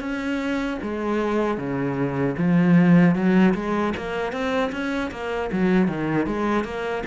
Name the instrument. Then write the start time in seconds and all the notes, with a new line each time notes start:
cello
0.00 C#4
0.82 G#3
1.58 C#3
2.37 F3
3.15 F#3
3.55 G#3
3.97 A#3
4.32 C4
4.72 C#4
5.11 A#3
5.52 F#3
5.88 D#3
6.27 G#3
6.64 A#3